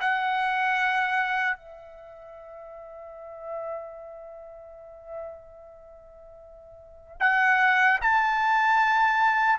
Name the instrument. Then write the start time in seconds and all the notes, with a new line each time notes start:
trumpet
0.00 F#5
1.56 E5
7.20 F#5
8.01 A5